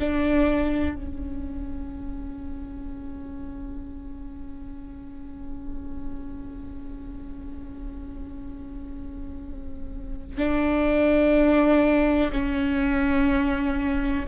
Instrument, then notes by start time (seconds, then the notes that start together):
viola
0.00 D4
0.96 C#4
10.38 D4
12.33 C#4